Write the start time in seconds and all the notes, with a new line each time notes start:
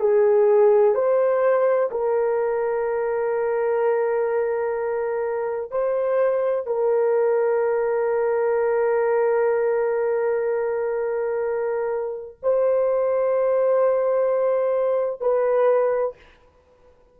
0.00 G#4
0.94 C5
1.91 A#4
5.71 C5
6.66 A#4
12.42 C5
15.21 B4